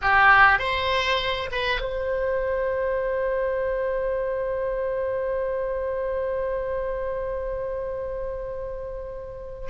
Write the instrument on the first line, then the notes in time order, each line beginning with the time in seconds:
oboe
0.01 G4
0.58 C5
1.51 B4
1.80 C5